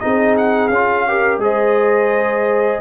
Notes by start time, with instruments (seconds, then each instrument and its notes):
0.00 tuba C4, trombone D#4, horn G#4, trumpet D#5
0.37 trumpet F#5
0.68 tuba C#4, trumpet F5
0.74 trombone F4
1.08 trombone G4, horn A#4
1.38 tuba G#3, trombone G#4, horn C5, trumpet D#5